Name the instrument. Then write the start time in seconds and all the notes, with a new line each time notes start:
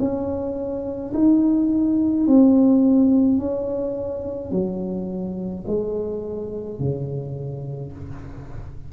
tuba
0.00 C#4
1.14 D#4
2.27 C4
3.40 C#4
4.52 F#3
5.68 G#3
6.80 C#3